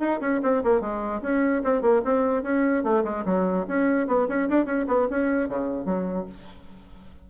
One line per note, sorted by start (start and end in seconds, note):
0.00 0.20 D#4
0.21 0.41 C#4
0.43 0.64 C4
0.64 0.81 A#3
0.81 1.22 G#3
1.22 1.63 C#4
1.64 1.82 C4
1.82 2.02 A#3
2.05 2.43 C4
2.43 2.84 C#4
2.84 3.04 A3
3.05 3.25 G#3
3.26 3.67 F#3
3.69 4.08 C#4
4.08 4.28 B3
4.29 4.49 C#4
4.50 4.66 D4
4.66 4.86 C#4
4.88 5.08 B3
5.10 5.50 C#4
5.50 5.86 C#3
5.86 6.26 F#3